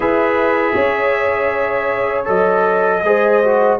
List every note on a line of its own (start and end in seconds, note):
0.00 0.75 E4
0.00 2.25 G#4
0.00 0.73 B4
0.00 2.24 E5
0.73 2.27 C#4
0.73 3.01 C#5
2.25 3.02 F#3
2.25 3.01 A4
2.25 3.79 D#5
3.02 3.78 G#3
3.02 3.43 G#4
3.02 3.79 C5
3.43 3.79 F#4